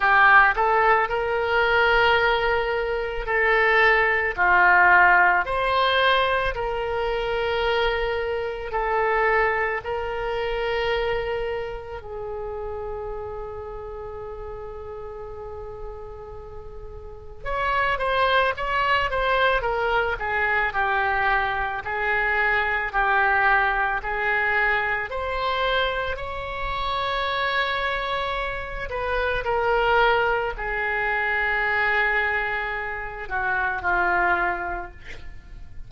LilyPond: \new Staff \with { instrumentName = "oboe" } { \time 4/4 \tempo 4 = 55 g'8 a'8 ais'2 a'4 | f'4 c''4 ais'2 | a'4 ais'2 gis'4~ | gis'1 |
cis''8 c''8 cis''8 c''8 ais'8 gis'8 g'4 | gis'4 g'4 gis'4 c''4 | cis''2~ cis''8 b'8 ais'4 | gis'2~ gis'8 fis'8 f'4 | }